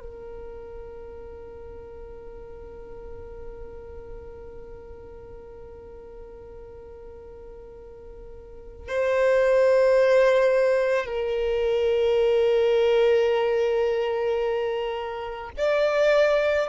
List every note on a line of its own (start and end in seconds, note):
0.00 8.88 A#4
8.88 11.06 C5
11.06 15.51 A#4
15.58 16.69 D5